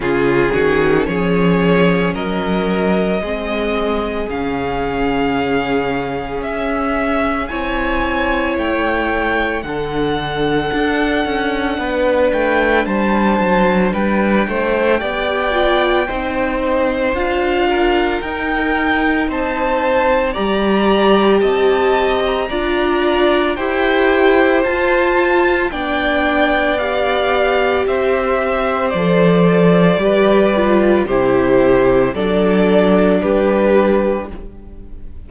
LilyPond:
<<
  \new Staff \with { instrumentName = "violin" } { \time 4/4 \tempo 4 = 56 gis'4 cis''4 dis''2 | f''2 e''4 gis''4 | g''4 fis''2~ fis''8 g''8 | a''4 g''2. |
f''4 g''4 a''4 ais''4 | a''8. ais''4~ ais''16 g''4 a''4 | g''4 f''4 e''4 d''4~ | d''4 c''4 d''4 b'4 | }
  \new Staff \with { instrumentName = "violin" } { \time 4/4 f'8 fis'8 gis'4 ais'4 gis'4~ | gis'2. cis''4~ | cis''4 a'2 b'4 | c''4 b'8 c''8 d''4 c''4~ |
c''8 ais'4. c''4 d''4 | dis''4 d''4 c''2 | d''2 c''2 | b'4 g'4 a'4 g'4 | }
  \new Staff \with { instrumentName = "viola" } { \time 4/4 cis'2. c'4 | cis'2. e'4~ | e'4 d'2.~ | d'2 g'8 f'8 dis'4 |
f'4 dis'2 g'4~ | g'4 f'4 g'4 f'4 | d'4 g'2 a'4 | g'8 f'8 e'4 d'2 | }
  \new Staff \with { instrumentName = "cello" } { \time 4/4 cis8 dis8 f4 fis4 gis4 | cis2 cis'4 c'4 | a4 d4 d'8 cis'8 b8 a8 | g8 fis8 g8 a8 b4 c'4 |
d'4 dis'4 c'4 g4 | c'4 d'4 e'4 f'4 | b2 c'4 f4 | g4 c4 fis4 g4 | }
>>